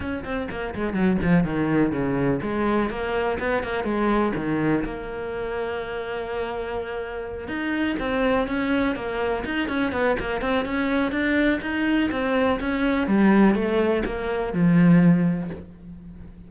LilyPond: \new Staff \with { instrumentName = "cello" } { \time 4/4 \tempo 4 = 124 cis'8 c'8 ais8 gis8 fis8 f8 dis4 | cis4 gis4 ais4 b8 ais8 | gis4 dis4 ais2~ | ais2.~ ais8 dis'8~ |
dis'8 c'4 cis'4 ais4 dis'8 | cis'8 b8 ais8 c'8 cis'4 d'4 | dis'4 c'4 cis'4 g4 | a4 ais4 f2 | }